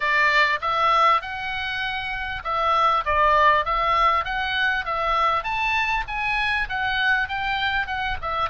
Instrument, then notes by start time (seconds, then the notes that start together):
oboe
0.00 D5
0.61 E5
1.21 F#5
2.44 E5
3.05 D5
3.65 E5
4.25 F#5
4.85 E5
5.43 A5
6.07 G#5
6.69 F#5
7.28 G5
7.87 F#5
8.21 E5